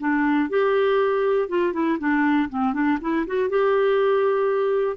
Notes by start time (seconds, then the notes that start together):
0.00 D4
0.50 G4
1.49 F4
1.73 E4
1.99 D4
2.50 C4
2.73 D4
3.01 E4
3.27 F#4
3.50 G4